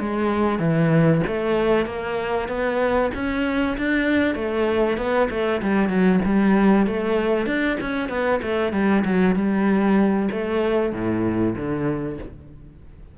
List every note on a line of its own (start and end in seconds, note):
0.00 0.59 G#3
0.59 1.22 E3
1.27 1.86 A3
1.86 2.48 A#3
2.49 3.11 B3
3.15 3.77 C#4
3.78 4.35 D4
4.35 4.97 A3
4.97 5.29 B3
5.30 5.62 A3
5.62 5.89 G3
5.89 6.21 F#3
6.25 6.87 G3
6.87 7.46 A3
7.46 7.78 D4
7.81 8.09 C#4
8.09 8.41 B3
8.42 8.73 A3
8.73 9.04 G3
9.05 9.36 F#3
9.36 10.29 G3
10.32 10.93 A3
10.93 11.55 A2
11.56 12.18 D3